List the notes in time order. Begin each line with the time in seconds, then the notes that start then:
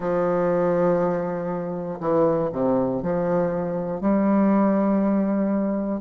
0.00 F3
2.00 E3
2.52 C3
3.02 F3
4.00 G3